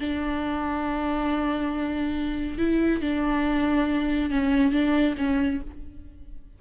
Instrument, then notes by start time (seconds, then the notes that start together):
viola
0.00 D4
2.58 E4
3.01 D4
4.30 C#4
4.72 D4
5.18 C#4